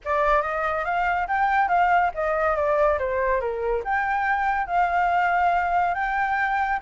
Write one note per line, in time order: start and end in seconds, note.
0.04 0.42 D5
0.42 0.84 D#5
0.84 1.27 F5
1.27 1.68 G5
1.68 2.11 F5
2.14 2.56 D#5
2.56 2.98 D5
2.98 3.40 C5
3.40 3.82 A#4
3.84 4.67 G5
4.67 5.94 F5
5.94 6.79 G5